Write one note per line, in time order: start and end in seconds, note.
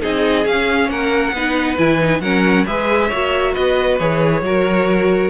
0.00 0.45 C4
0.00 0.44 D#4
0.00 0.90 G#4
0.00 0.46 D#5
0.45 0.89 C#4
0.45 1.33 C#4
0.45 0.90 F5
0.89 1.32 A#3
0.89 1.33 A#4
0.89 1.78 F#5
1.32 1.76 B3
1.32 1.77 D#4
1.32 2.22 B4
1.77 2.20 E3
1.77 1.99 E4
1.77 2.21 G#5
2.00 2.22 D#4
2.20 2.64 F#3
2.20 2.66 C#4
2.20 2.66 A#4
2.20 2.65 F#5
2.66 3.11 G#3
2.66 3.10 G#4
2.66 3.08 B4
2.66 3.54 E5
3.08 3.56 A#3
3.08 3.99 F#4
3.08 3.52 C#5
3.53 4.00 B3
3.53 4.41 B4
3.53 3.98 D#5
3.99 4.41 E3
3.99 4.44 G#4
3.99 5.30 C#5
4.41 5.30 F#3
4.41 5.30 F#4
4.41 5.30 A#4